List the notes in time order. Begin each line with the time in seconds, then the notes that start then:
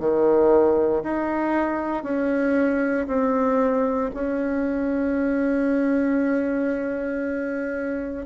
0.00 D#3
1.04 D#4
2.04 C#4
3.08 C4
4.15 C#4